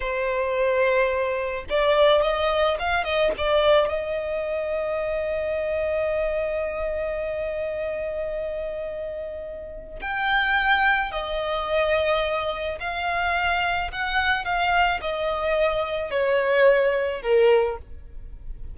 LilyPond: \new Staff \with { instrumentName = "violin" } { \time 4/4 \tempo 4 = 108 c''2. d''4 | dis''4 f''8 dis''8 d''4 dis''4~ | dis''1~ | dis''1~ |
dis''2 g''2 | dis''2. f''4~ | f''4 fis''4 f''4 dis''4~ | dis''4 cis''2 ais'4 | }